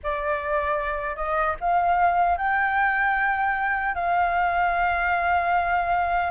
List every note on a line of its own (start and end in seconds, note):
0.03 1.16 D5
1.16 1.55 D#5
1.60 2.37 F5
2.37 3.95 G5
3.95 6.31 F5